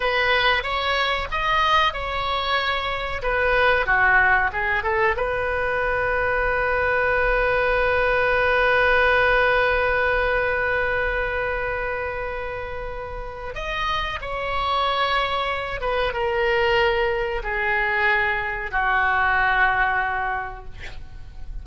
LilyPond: \new Staff \with { instrumentName = "oboe" } { \time 4/4 \tempo 4 = 93 b'4 cis''4 dis''4 cis''4~ | cis''4 b'4 fis'4 gis'8 a'8 | b'1~ | b'1~ |
b'1~ | b'4 dis''4 cis''2~ | cis''8 b'8 ais'2 gis'4~ | gis'4 fis'2. | }